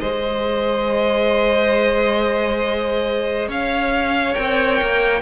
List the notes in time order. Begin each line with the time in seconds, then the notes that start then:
0.00 G#3 G#4 C5 D#5
3.49 C#4 C#5 F5
4.35 C4 A#4 G5
4.82 A#3